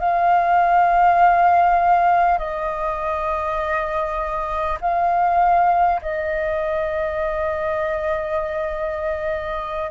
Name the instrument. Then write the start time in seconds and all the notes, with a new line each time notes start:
flute
0.00 F5
2.38 D#5
4.81 F5
6.02 D#5